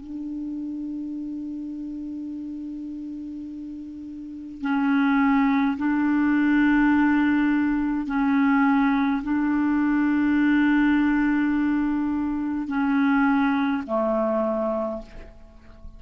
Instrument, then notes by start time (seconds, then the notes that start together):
clarinet
0.00 D4
4.61 C#4
5.77 D4
8.07 C#4
9.23 D4
12.68 C#4
13.86 A3